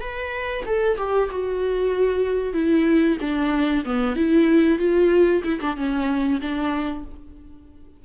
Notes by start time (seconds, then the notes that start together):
0.00 B4
0.65 A4
0.97 G4
1.30 F#4
2.53 E4
3.20 D4
3.85 B3
4.15 E4
4.78 F4
5.43 E4
5.60 D4
5.76 C#4
6.41 D4